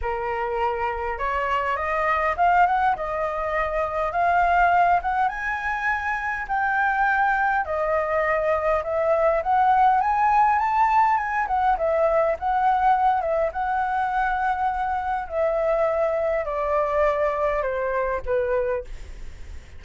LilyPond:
\new Staff \with { instrumentName = "flute" } { \time 4/4 \tempo 4 = 102 ais'2 cis''4 dis''4 | f''8 fis''8 dis''2 f''4~ | f''8 fis''8 gis''2 g''4~ | g''4 dis''2 e''4 |
fis''4 gis''4 a''4 gis''8 fis''8 | e''4 fis''4. e''8 fis''4~ | fis''2 e''2 | d''2 c''4 b'4 | }